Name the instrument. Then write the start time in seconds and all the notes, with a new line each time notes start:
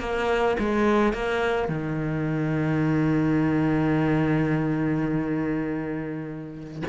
cello
0.00 A#3
0.59 G#3
1.13 A#3
1.69 D#3